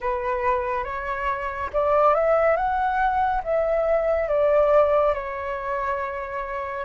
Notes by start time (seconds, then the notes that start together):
0.00 B4
0.84 C#5
1.73 D5
2.14 E5
2.56 F#5
3.43 E5
4.28 D5
5.14 C#5